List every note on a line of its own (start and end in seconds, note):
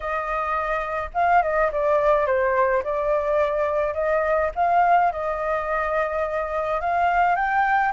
0.00 1.10 D#5
1.14 1.42 F5
1.42 1.70 D#5
1.72 2.26 D5
2.26 2.83 C5
2.83 3.94 D5
3.94 4.50 D#5
4.55 5.11 F5
5.12 6.80 D#5
6.80 7.35 F5
7.35 7.92 G5